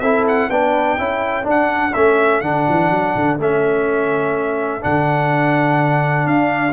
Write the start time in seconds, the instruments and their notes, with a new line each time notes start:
0.00 tuba C4, trombone E4, horn A4, trumpet E5
0.28 trumpet F#5
0.49 tuba B3, trombone D4, horn B4, trumpet G5
0.98 tuba C#4, trombone E4, horn A4
1.43 trombone D4, tuba D4
1.50 trumpet F#5
1.93 tuba A3, trombone C#4, trumpet E5
2.41 tuba D3, trombone D4, trumpet F#5
2.68 tuba E3
2.90 tuba F#3
3.15 tuba D3
3.39 tuba A3, trombone C#4, trumpet E5
4.81 tuba D3, trombone D4, trumpet F#5
6.26 tuba D4, trumpet F5